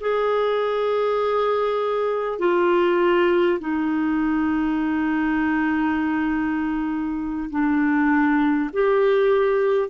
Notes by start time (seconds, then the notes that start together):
0.00 G#4
2.39 F4
3.59 D#4
7.50 D4
8.73 G4